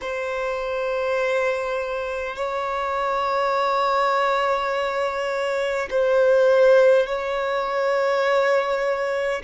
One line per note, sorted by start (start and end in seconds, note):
0.01 2.35 C5
2.35 5.88 C#5
5.90 7.06 C5
7.06 9.41 C#5